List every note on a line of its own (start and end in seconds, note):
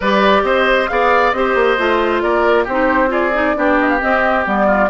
0.00 0.42 G3
0.00 0.88 G4
0.00 0.42 B4
0.00 0.44 D5
0.42 0.87 C4
0.42 0.90 C5
0.42 0.88 D#5
0.88 1.32 B3
0.88 1.33 G#4
0.88 1.36 D5
0.88 1.32 F5
1.32 1.54 C4
1.32 1.77 G4
1.32 2.23 C5
1.32 2.20 D#5
1.54 1.77 A#3
1.77 2.22 A3
1.77 2.66 F4
2.21 2.66 A#3
2.21 2.64 A#4
2.21 2.65 D5
2.64 3.55 C4
2.64 3.09 G4
2.64 3.12 C5
2.70 3.07 D#4
3.07 3.30 F4
3.07 3.55 G#4
3.07 3.79 D5
3.34 3.55 D#4
3.55 4.01 B3
3.55 3.99 D4
3.55 4.66 G4
3.80 3.89 D#5
3.89 4.00 F5
3.99 4.43 C4
3.99 4.46 C4
3.99 4.45 D#5
4.45 4.90 G3
4.45 4.89 B3
4.45 4.90 D5
4.66 4.88 F4